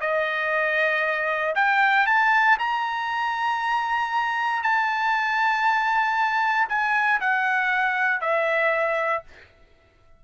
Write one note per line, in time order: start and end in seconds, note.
0.00 1.54 D#5
1.55 2.06 G5
2.06 2.57 A5
2.59 4.62 A#5
4.62 6.68 A5
6.68 7.20 G#5
7.20 8.21 F#5
8.21 9.23 E5